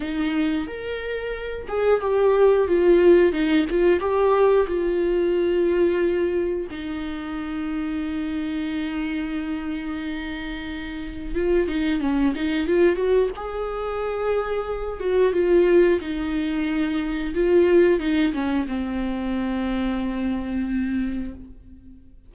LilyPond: \new Staff \with { instrumentName = "viola" } { \time 4/4 \tempo 4 = 90 dis'4 ais'4. gis'8 g'4 | f'4 dis'8 f'8 g'4 f'4~ | f'2 dis'2~ | dis'1~ |
dis'4 f'8 dis'8 cis'8 dis'8 f'8 fis'8 | gis'2~ gis'8 fis'8 f'4 | dis'2 f'4 dis'8 cis'8 | c'1 | }